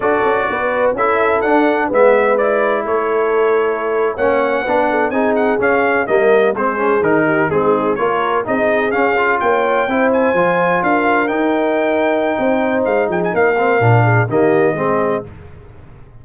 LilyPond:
<<
  \new Staff \with { instrumentName = "trumpet" } { \time 4/4 \tempo 4 = 126 d''2 e''4 fis''4 | e''4 d''4 cis''2~ | cis''8. fis''2 gis''8 fis''8 f''16~ | f''8. dis''4 c''4 ais'4 gis'16~ |
gis'8. cis''4 dis''4 f''4 g''16~ | g''4~ g''16 gis''4. f''4 g''16~ | g''2. f''8 g''16 gis''16 | f''2 dis''2 | }
  \new Staff \with { instrumentName = "horn" } { \time 4/4 a'4 b'4 a'2 | b'2 a'2~ | a'8. cis''4 b'8 a'8 gis'4~ gis'16~ | gis'8. ais'4 gis'4. g'8 dis'16~ |
dis'8. ais'4 gis'2 cis''16~ | cis''8. c''2 ais'4~ ais'16~ | ais'2 c''4. gis'8 | ais'4. gis'8 g'4 gis'4 | }
  \new Staff \with { instrumentName = "trombone" } { \time 4/4 fis'2 e'4 d'4 | b4 e'2.~ | e'8. cis'4 d'4 dis'4 cis'16~ | cis'8. ais4 c'8 cis'8 dis'4 c'16~ |
c'8. f'4 dis'4 cis'8 f'8.~ | f'8. e'4 f'2 dis'16~ | dis'1~ | dis'8 c'8 d'4 ais4 c'4 | }
  \new Staff \with { instrumentName = "tuba" } { \time 4/4 d'8 cis'8 b4 cis'4 d'4 | gis2 a2~ | a8. ais4 b4 c'4 cis'16~ | cis'8. g4 gis4 dis4 gis16~ |
gis8. ais4 c'4 cis'4 ais16~ | ais8. c'4 f4 d'4 dis'16~ | dis'2 c'4 gis8 f8 | ais4 ais,4 dis4 gis4 | }
>>